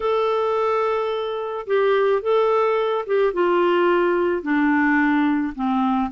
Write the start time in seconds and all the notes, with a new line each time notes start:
0.00 A4
1.66 G4
2.21 A4
3.06 G4
3.33 F4
4.42 D4
5.55 C4